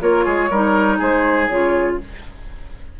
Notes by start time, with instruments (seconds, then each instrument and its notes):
0.00 bassoon A#3, clarinet F4, oboe A#4, flute C#5
0.25 bassoon G#3, oboe G#4
0.50 bassoon G3, clarinet D#4, oboe A#4
0.98 bassoon G#3, oboe G#4, flute C5
1.48 bassoon C#3, clarinet F4, flute C#5